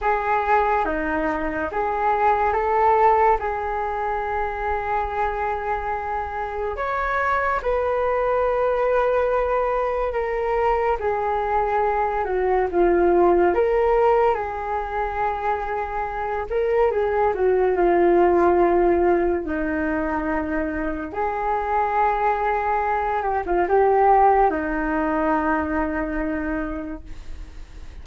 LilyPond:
\new Staff \with { instrumentName = "flute" } { \time 4/4 \tempo 4 = 71 gis'4 dis'4 gis'4 a'4 | gis'1 | cis''4 b'2. | ais'4 gis'4. fis'8 f'4 |
ais'4 gis'2~ gis'8 ais'8 | gis'8 fis'8 f'2 dis'4~ | dis'4 gis'2~ gis'8 g'16 f'16 | g'4 dis'2. | }